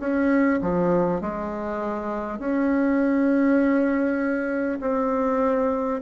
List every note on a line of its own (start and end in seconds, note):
0.00 0.60 C#4
0.62 1.21 F3
1.21 2.39 G#3
2.39 4.79 C#4
4.81 6.01 C4